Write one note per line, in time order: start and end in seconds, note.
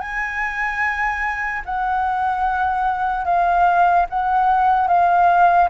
0.00 1.62 G#5
1.66 3.25 F#5
3.25 4.07 F5
4.10 4.88 F#5
4.88 5.69 F5